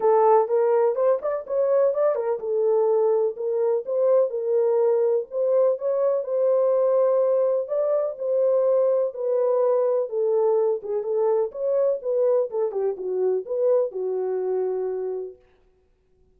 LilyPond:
\new Staff \with { instrumentName = "horn" } { \time 4/4 \tempo 4 = 125 a'4 ais'4 c''8 d''8 cis''4 | d''8 ais'8 a'2 ais'4 | c''4 ais'2 c''4 | cis''4 c''2. |
d''4 c''2 b'4~ | b'4 a'4. gis'8 a'4 | cis''4 b'4 a'8 g'8 fis'4 | b'4 fis'2. | }